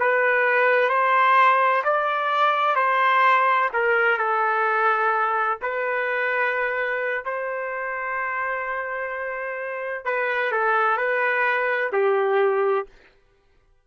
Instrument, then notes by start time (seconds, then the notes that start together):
trumpet
0.00 B4
0.89 C5
1.84 D5
2.76 C5
3.73 A#4
4.18 A4
5.62 B4
7.25 C5
10.05 B4
10.52 A4
10.97 B4
11.93 G4